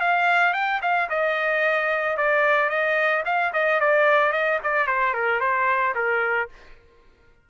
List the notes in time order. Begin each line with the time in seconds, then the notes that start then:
0.00 F5
0.53 G5
0.82 F5
1.09 D#5
2.17 D5
2.69 D#5
3.25 F5
3.53 D#5
3.80 D5
4.32 D#5
4.63 D5
4.87 C5
5.14 A#4
5.40 C5
5.95 A#4